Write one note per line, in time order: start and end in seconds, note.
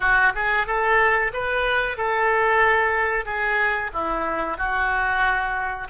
0.00 0.32 F#4
0.34 0.66 G#4
0.66 1.32 A4
1.33 1.97 B4
1.97 3.25 A4
3.25 3.90 G#4
3.93 4.57 E4
4.57 5.88 F#4